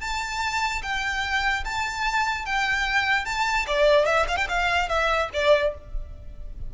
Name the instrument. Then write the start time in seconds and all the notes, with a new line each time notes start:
violin
0.00 A5
0.82 G5
1.64 A5
2.45 G5
3.25 A5
3.66 D5
4.05 E5
4.28 F5
4.37 G5
4.49 F5
4.88 E5
5.33 D5